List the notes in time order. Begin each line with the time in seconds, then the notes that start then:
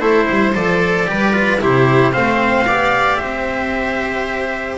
0.00 A3 E4 A4 C5
0.27 G3 C5
0.55 F3 A4 D5
1.07 G3 G4 B4
1.33 F4
1.60 C3 E4 G4 C5
2.12 A3 C4 C5 F5
2.66 B3 G4 D5
3.17 C4 C5 E5